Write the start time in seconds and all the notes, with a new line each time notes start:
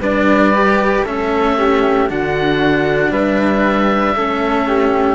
0.00 G3 D4 B4 D5
0.54 G4
1.04 A3 C#4 A4 E5
1.58 G4
2.09 D3 D4 F#4 F#5
3.11 G3 B4 E5
4.15 A3 C#4 A4
4.68 G4